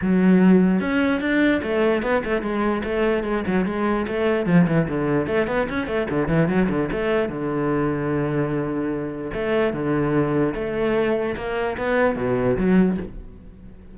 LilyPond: \new Staff \with { instrumentName = "cello" } { \time 4/4 \tempo 4 = 148 fis2 cis'4 d'4 | a4 b8 a8 gis4 a4 | gis8 fis8 gis4 a4 f8 e8 | d4 a8 b8 cis'8 a8 d8 e8 |
fis8 d8 a4 d2~ | d2. a4 | d2 a2 | ais4 b4 b,4 fis4 | }